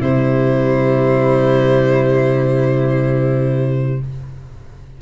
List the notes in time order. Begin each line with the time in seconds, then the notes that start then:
0.00 C3 G3 E4 C5